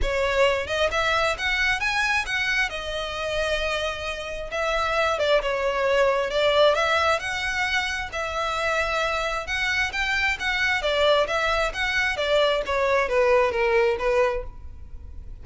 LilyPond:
\new Staff \with { instrumentName = "violin" } { \time 4/4 \tempo 4 = 133 cis''4. dis''8 e''4 fis''4 | gis''4 fis''4 dis''2~ | dis''2 e''4. d''8 | cis''2 d''4 e''4 |
fis''2 e''2~ | e''4 fis''4 g''4 fis''4 | d''4 e''4 fis''4 d''4 | cis''4 b'4 ais'4 b'4 | }